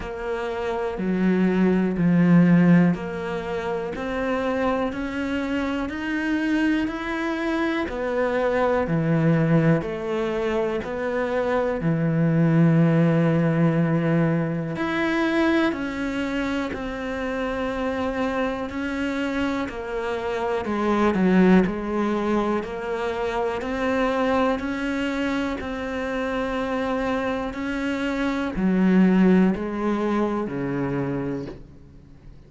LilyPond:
\new Staff \with { instrumentName = "cello" } { \time 4/4 \tempo 4 = 61 ais4 fis4 f4 ais4 | c'4 cis'4 dis'4 e'4 | b4 e4 a4 b4 | e2. e'4 |
cis'4 c'2 cis'4 | ais4 gis8 fis8 gis4 ais4 | c'4 cis'4 c'2 | cis'4 fis4 gis4 cis4 | }